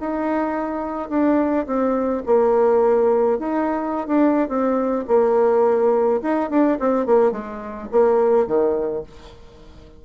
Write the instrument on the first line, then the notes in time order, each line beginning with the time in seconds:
bassoon
0.00 D#4
1.09 D4
1.66 C4
2.26 A#3
3.39 D#4
4.07 D4
4.48 C4
5.08 A#3
6.22 D#4
6.50 D4
6.80 C4
7.06 A#3
7.32 G#3
7.92 A#3
8.47 D#3